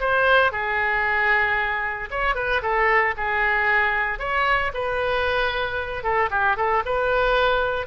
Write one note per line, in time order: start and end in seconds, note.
0.00 0.52 C5
0.52 2.10 G#4
2.11 2.35 C#5
2.35 2.61 B4
2.62 3.15 A4
3.17 4.19 G#4
4.19 4.72 C#5
4.74 6.03 B4
6.03 6.30 A4
6.31 6.57 G4
6.57 6.83 A4
6.86 7.87 B4